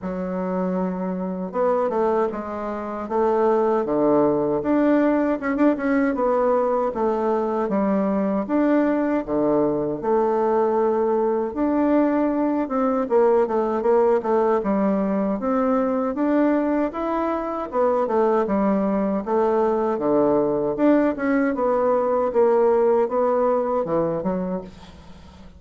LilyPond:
\new Staff \with { instrumentName = "bassoon" } { \time 4/4 \tempo 4 = 78 fis2 b8 a8 gis4 | a4 d4 d'4 cis'16 d'16 cis'8 | b4 a4 g4 d'4 | d4 a2 d'4~ |
d'8 c'8 ais8 a8 ais8 a8 g4 | c'4 d'4 e'4 b8 a8 | g4 a4 d4 d'8 cis'8 | b4 ais4 b4 e8 fis8 | }